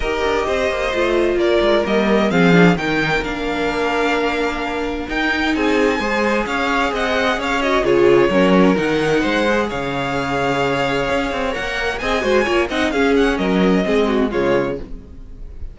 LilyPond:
<<
  \new Staff \with { instrumentName = "violin" } { \time 4/4 \tempo 4 = 130 dis''2. d''4 | dis''4 f''4 g''4 f''4~ | f''2. g''4 | gis''2 f''4 fis''4 |
f''8 dis''8 cis''2 fis''4~ | fis''4 f''2.~ | f''4 fis''4 gis''4. fis''8 | f''8 fis''8 dis''2 cis''4 | }
  \new Staff \with { instrumentName = "violin" } { \time 4/4 ais'4 c''2 ais'4~ | ais'4 gis'4 ais'2~ | ais'1 | gis'4 c''4 cis''4 dis''4 |
cis''4 gis'4 ais'2 | c''4 cis''2.~ | cis''2 dis''8 c''8 cis''8 dis''8 | gis'4 ais'4 gis'8 fis'8 f'4 | }
  \new Staff \with { instrumentName = "viola" } { \time 4/4 g'2 f'2 | ais4 c'8 d'8 dis'4 d'4~ | d'2. dis'4~ | dis'4 gis'2.~ |
gis'8 fis'8 f'4 cis'4 dis'4~ | dis'8 gis'2.~ gis'8~ | gis'4 ais'4 gis'8 fis'8 f'8 dis'8 | cis'2 c'4 gis4 | }
  \new Staff \with { instrumentName = "cello" } { \time 4/4 dis'8 d'8 c'8 ais8 a4 ais8 gis8 | g4 f4 dis4 ais4~ | ais2. dis'4 | c'4 gis4 cis'4 c'4 |
cis'4 cis4 fis4 dis4 | gis4 cis2. | cis'8 c'8 ais4 c'8 gis8 ais8 c'8 | cis'4 fis4 gis4 cis4 | }
>>